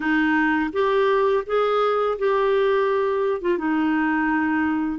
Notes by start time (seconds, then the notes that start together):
0.00 D#4
0.72 G4
1.46 G#4
2.18 G4
3.41 F4
3.58 D#4